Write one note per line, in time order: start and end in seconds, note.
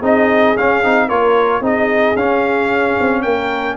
0.00 0.55 C4
0.00 0.56 D#4
0.00 1.07 G#4
0.00 0.58 D#5
0.57 0.83 C#4
0.57 0.85 C#4
0.57 1.09 F5
0.84 1.11 C4
0.84 1.10 D#4
1.08 1.61 A#3
1.08 1.62 F4
1.08 1.62 A#4
1.08 1.63 C#5
1.61 2.15 C4
1.61 2.16 D#4
1.61 3.23 G#4
1.61 2.17 D#5
2.16 2.96 C#4
2.16 3.77 C#4
2.16 3.22 F5
3.00 3.25 C4
3.22 3.77 A#3
3.22 3.77 A#4
3.22 3.76 G5